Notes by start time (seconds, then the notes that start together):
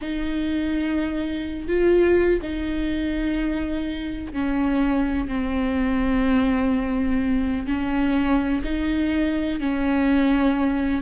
0.01 D#4
1.68 F4
2.42 D#4
4.32 C#4
5.28 C4
7.66 C#4
8.64 D#4
9.60 C#4